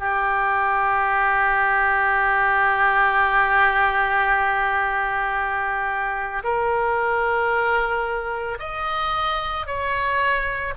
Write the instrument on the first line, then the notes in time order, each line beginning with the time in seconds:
oboe
0.00 G4
6.44 A#4
8.60 D#5
9.67 C#5